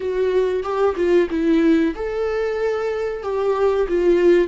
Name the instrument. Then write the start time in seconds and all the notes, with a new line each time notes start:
viola
0.00 F#4
0.63 G4
0.96 F4
1.29 E4
1.95 A4
3.23 G4
3.88 F4